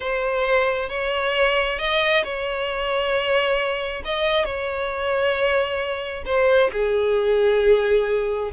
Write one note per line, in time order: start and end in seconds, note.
0.00 0.89 C5
0.89 1.78 C#5
1.78 2.23 D#5
2.23 4.03 C#5
4.05 4.44 D#5
4.44 6.23 C#5
6.25 6.70 C5
6.72 8.51 G#4